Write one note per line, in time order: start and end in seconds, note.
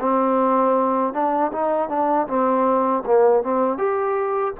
0.00 1.13 C4
1.13 1.51 D4
1.52 1.88 D#4
1.88 2.26 D4
2.27 3.03 C4
3.06 3.42 A#3
3.42 3.77 C4
3.77 4.53 G4